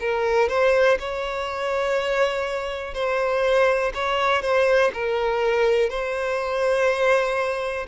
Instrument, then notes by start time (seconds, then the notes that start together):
violin
0.00 A#4
0.49 C5
0.99 C#5
2.94 C5
3.94 C#5
4.42 C5
4.94 A#4
5.89 C5